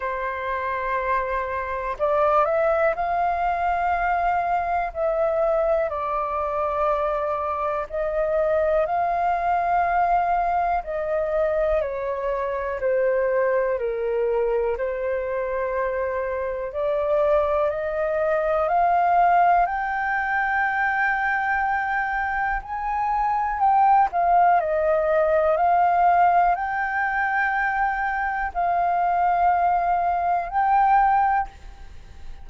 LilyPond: \new Staff \with { instrumentName = "flute" } { \time 4/4 \tempo 4 = 61 c''2 d''8 e''8 f''4~ | f''4 e''4 d''2 | dis''4 f''2 dis''4 | cis''4 c''4 ais'4 c''4~ |
c''4 d''4 dis''4 f''4 | g''2. gis''4 | g''8 f''8 dis''4 f''4 g''4~ | g''4 f''2 g''4 | }